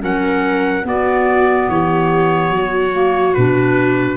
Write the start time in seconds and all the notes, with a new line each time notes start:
0.00 F#3 C#4 A#4 F#5
0.83 B3 F#4 D5
1.69 E3 G4 C#5
2.50 F#3 F#4
2.92 A#3
3.34 B2 D4 B4